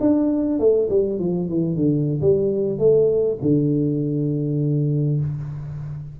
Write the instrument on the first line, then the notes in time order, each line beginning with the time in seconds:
tuba
0.00 D4
0.59 A3
0.89 G3
1.19 F3
1.48 E3
1.76 D3
2.21 G3
2.79 A3
3.42 D3